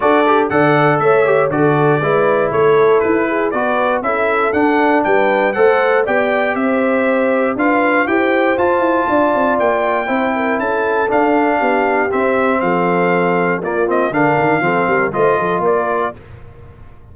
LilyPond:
<<
  \new Staff \with { instrumentName = "trumpet" } { \time 4/4 \tempo 4 = 119 d''4 fis''4 e''4 d''4~ | d''4 cis''4 b'4 d''4 | e''4 fis''4 g''4 fis''4 | g''4 e''2 f''4 |
g''4 a''2 g''4~ | g''4 a''4 f''2 | e''4 f''2 d''8 dis''8 | f''2 dis''4 d''4 | }
  \new Staff \with { instrumentName = "horn" } { \time 4/4 a'4 d''4 cis''4 a'4 | b'4 a'4. gis'8 b'4 | a'2 b'4 c''4 | d''4 c''2 b'4 |
c''2 d''2 | c''8 ais'8 a'2 g'4~ | g'4 a'2 f'4 | ais'4 a'8 ais'8 c''8 a'8 ais'4 | }
  \new Staff \with { instrumentName = "trombone" } { \time 4/4 fis'8 g'8 a'4. g'8 fis'4 | e'2. fis'4 | e'4 d'2 a'4 | g'2. f'4 |
g'4 f'2. | e'2 d'2 | c'2. ais8 c'8 | d'4 c'4 f'2 | }
  \new Staff \with { instrumentName = "tuba" } { \time 4/4 d'4 d4 a4 d4 | gis4 a4 e'4 b4 | cis'4 d'4 g4 a4 | b4 c'2 d'4 |
e'4 f'8 e'8 d'8 c'8 ais4 | c'4 cis'4 d'4 b4 | c'4 f2 ais4 | d8 dis8 f8 g8 a8 f8 ais4 | }
>>